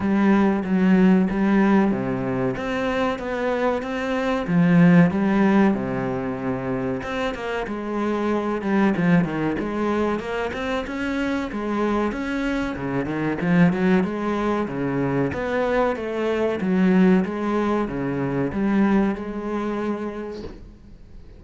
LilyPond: \new Staff \with { instrumentName = "cello" } { \time 4/4 \tempo 4 = 94 g4 fis4 g4 c4 | c'4 b4 c'4 f4 | g4 c2 c'8 ais8 | gis4. g8 f8 dis8 gis4 |
ais8 c'8 cis'4 gis4 cis'4 | cis8 dis8 f8 fis8 gis4 cis4 | b4 a4 fis4 gis4 | cis4 g4 gis2 | }